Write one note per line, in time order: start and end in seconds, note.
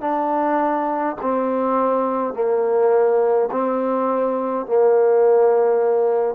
0.00 1.15 D4
1.22 2.33 C4
2.33 3.49 A#3
3.51 4.66 C4
4.66 6.35 A#3